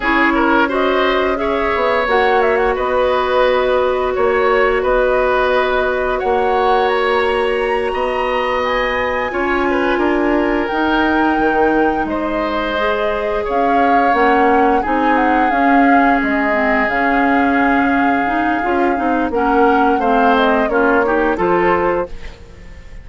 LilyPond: <<
  \new Staff \with { instrumentName = "flute" } { \time 4/4 \tempo 4 = 87 cis''4 dis''4 e''4 fis''8 e''16 fis''16 | dis''2 cis''4 dis''4~ | dis''4 fis''4 ais''2~ | ais''8 gis''2. g''8~ |
g''4. dis''2 f''8~ | f''8 fis''4 gis''8 fis''8 f''4 dis''8~ | dis''8 f''2.~ f''8 | fis''4 f''8 dis''8 cis''4 c''4 | }
  \new Staff \with { instrumentName = "oboe" } { \time 4/4 gis'8 ais'8 c''4 cis''2 | b'2 cis''4 b'4~ | b'4 cis''2~ cis''8 dis''8~ | dis''4. cis''8 b'8 ais'4.~ |
ais'4. c''2 cis''8~ | cis''4. gis'2~ gis'8~ | gis'1 | ais'4 c''4 f'8 g'8 a'4 | }
  \new Staff \with { instrumentName = "clarinet" } { \time 4/4 e'4 fis'4 gis'4 fis'4~ | fis'1~ | fis'1~ | fis'4. f'2 dis'8~ |
dis'2~ dis'8 gis'4.~ | gis'8 cis'4 dis'4 cis'4. | c'8 cis'2 dis'8 f'8 dis'8 | cis'4 c'4 cis'8 dis'8 f'4 | }
  \new Staff \with { instrumentName = "bassoon" } { \time 4/4 cis'2~ cis'8 b8 ais4 | b2 ais4 b4~ | b4 ais2~ ais8 b8~ | b4. cis'4 d'4 dis'8~ |
dis'8 dis4 gis2 cis'8~ | cis'8 ais4 c'4 cis'4 gis8~ | gis8 cis2~ cis8 cis'8 c'8 | ais4 a4 ais4 f4 | }
>>